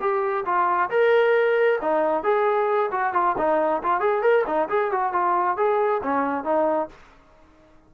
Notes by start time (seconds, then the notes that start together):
0.00 G4
0.45 F4
0.90 A#4
1.81 D#4
2.23 G#4
2.91 F#4
3.13 F4
3.38 D#4
3.83 F4
4.00 G#4
4.22 A#4
4.46 D#4
4.69 G#4
4.91 F#4
5.13 F4
5.57 G#4
6.03 C#4
6.44 D#4